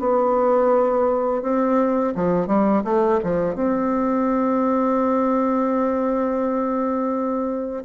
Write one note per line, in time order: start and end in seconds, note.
0.00 1.43 B3
1.43 2.14 C4
2.15 2.47 F3
2.47 2.83 G3
2.85 3.20 A3
3.24 3.56 F3
3.56 7.84 C4